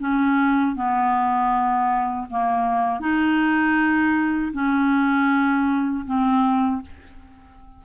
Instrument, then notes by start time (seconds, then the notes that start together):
clarinet
0.00 C#4
0.76 B3
2.31 A#3
3.00 D#4
4.53 C#4
6.06 C4